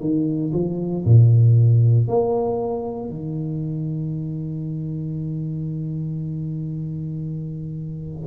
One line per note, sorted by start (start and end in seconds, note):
0.00 0.52 D#3
0.53 1.05 F3
1.05 2.08 A#2
2.08 3.09 A#3
3.09 8.27 D#3